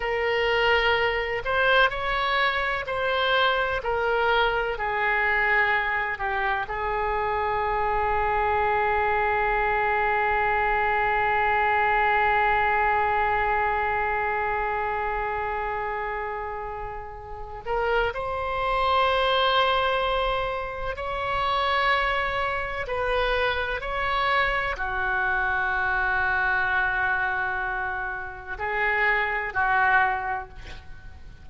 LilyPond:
\new Staff \with { instrumentName = "oboe" } { \time 4/4 \tempo 4 = 63 ais'4. c''8 cis''4 c''4 | ais'4 gis'4. g'8 gis'4~ | gis'1~ | gis'1~ |
gis'2~ gis'8 ais'8 c''4~ | c''2 cis''2 | b'4 cis''4 fis'2~ | fis'2 gis'4 fis'4 | }